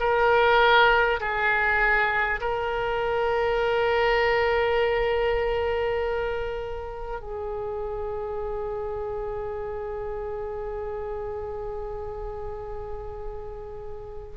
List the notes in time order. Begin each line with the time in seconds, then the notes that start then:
0.00 A#4
1.20 G#4
2.41 A#4
7.21 G#4